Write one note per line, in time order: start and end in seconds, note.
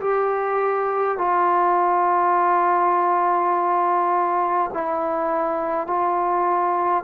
0.00 1.18 G4
1.18 4.71 F4
4.73 5.87 E4
5.87 7.03 F4